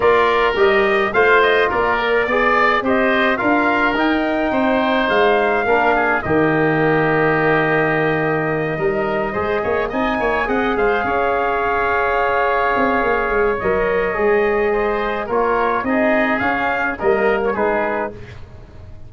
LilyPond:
<<
  \new Staff \with { instrumentName = "trumpet" } { \time 4/4 \tempo 4 = 106 d''4 dis''4 f''8 dis''8 d''4~ | d''4 dis''4 f''4 g''4~ | g''4 f''2 dis''4~ | dis''1~ |
dis''4. gis''4 fis''8 f''4~ | f''1 | dis''2. cis''4 | dis''4 f''4 dis''8. cis''16 b'4 | }
  \new Staff \with { instrumentName = "oboe" } { \time 4/4 ais'2 c''4 ais'4 | d''4 c''4 ais'2 | c''2 ais'8 gis'8 g'4~ | g'2.~ g'8 ais'8~ |
ais'8 c''8 cis''8 dis''8 cis''8 dis''8 c''8 cis''8~ | cis''1~ | cis''2 c''4 ais'4 | gis'2 ais'4 gis'4 | }
  \new Staff \with { instrumentName = "trombone" } { \time 4/4 f'4 g'4 f'4. ais'8 | gis'4 g'4 f'4 dis'4~ | dis'2 d'4 ais4~ | ais2.~ ais8 dis'8~ |
dis'8 gis'4 dis'4 gis'4.~ | gis'1 | ais'4 gis'2 f'4 | dis'4 cis'4 ais4 dis'4 | }
  \new Staff \with { instrumentName = "tuba" } { \time 4/4 ais4 g4 a4 ais4 | b4 c'4 d'4 dis'4 | c'4 gis4 ais4 dis4~ | dis2.~ dis8 g8~ |
g8 gis8 ais8 c'8 ais8 c'8 gis8 cis'8~ | cis'2~ cis'8 c'8 ais8 gis8 | fis4 gis2 ais4 | c'4 cis'4 g4 gis4 | }
>>